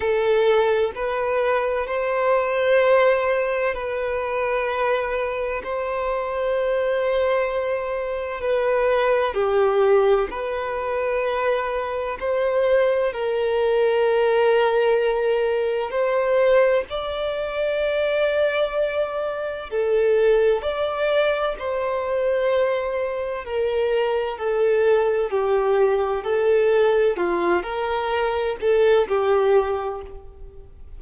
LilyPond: \new Staff \with { instrumentName = "violin" } { \time 4/4 \tempo 4 = 64 a'4 b'4 c''2 | b'2 c''2~ | c''4 b'4 g'4 b'4~ | b'4 c''4 ais'2~ |
ais'4 c''4 d''2~ | d''4 a'4 d''4 c''4~ | c''4 ais'4 a'4 g'4 | a'4 f'8 ais'4 a'8 g'4 | }